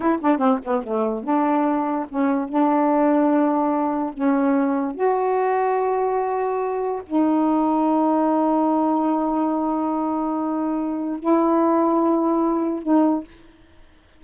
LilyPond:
\new Staff \with { instrumentName = "saxophone" } { \time 4/4 \tempo 4 = 145 e'8 d'8 c'8 b8 a4 d'4~ | d'4 cis'4 d'2~ | d'2 cis'2 | fis'1~ |
fis'4 dis'2.~ | dis'1~ | dis'2. e'4~ | e'2. dis'4 | }